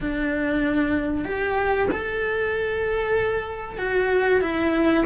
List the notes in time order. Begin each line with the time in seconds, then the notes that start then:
0.00 D4
1.24 G4
1.91 A4
3.78 F#4
4.41 E4